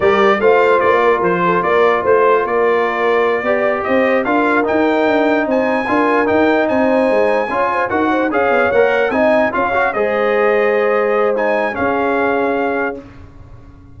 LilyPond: <<
  \new Staff \with { instrumentName = "trumpet" } { \time 4/4 \tempo 4 = 148 d''4 f''4 d''4 c''4 | d''4 c''4 d''2~ | d''4. dis''4 f''4 g''8~ | g''4. gis''2 g''8~ |
g''8 gis''2. fis''8~ | fis''8 f''4 fis''4 gis''4 f''8~ | f''8 dis''2.~ dis''8 | gis''4 f''2. | }
  \new Staff \with { instrumentName = "horn" } { \time 4/4 ais'4 c''4. ais'4 a'8 | ais'4 c''4 ais'2~ | ais'8 d''4 c''4 ais'4.~ | ais'4. c''4 ais'4.~ |
ais'8 c''2 cis''8 c''8 ais'8 | c''8 cis''2 dis''4 cis''8~ | cis''8 c''2.~ c''8~ | c''4 gis'2. | }
  \new Staff \with { instrumentName = "trombone" } { \time 4/4 g'4 f'2.~ | f'1~ | f'8 g'2 f'4 dis'8~ | dis'2~ dis'8 f'4 dis'8~ |
dis'2~ dis'8 f'4 fis'8~ | fis'8 gis'4 ais'4 dis'4 f'8 | fis'8 gis'2.~ gis'8 | dis'4 cis'2. | }
  \new Staff \with { instrumentName = "tuba" } { \time 4/4 g4 a4 ais4 f4 | ais4 a4 ais2~ | ais8 b4 c'4 d'4 dis'8~ | dis'8 d'4 c'4 d'4 dis'8~ |
dis'8 c'4 gis4 cis'4 dis'8~ | dis'8 cis'8 b8 ais4 c'4 cis'8~ | cis'8 gis2.~ gis8~ | gis4 cis'2. | }
>>